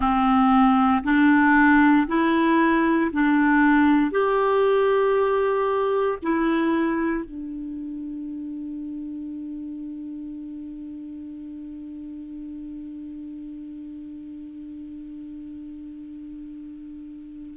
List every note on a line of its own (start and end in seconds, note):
0.00 1.03 C4
1.03 2.07 D4
2.07 3.10 E4
3.12 4.11 D4
4.11 6.18 G4
6.22 7.25 E4
7.25 17.57 D4